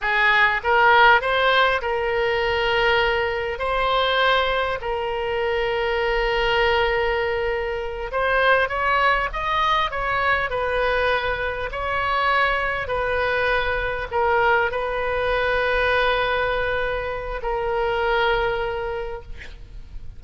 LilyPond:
\new Staff \with { instrumentName = "oboe" } { \time 4/4 \tempo 4 = 100 gis'4 ais'4 c''4 ais'4~ | ais'2 c''2 | ais'1~ | ais'4. c''4 cis''4 dis''8~ |
dis''8 cis''4 b'2 cis''8~ | cis''4. b'2 ais'8~ | ais'8 b'2.~ b'8~ | b'4 ais'2. | }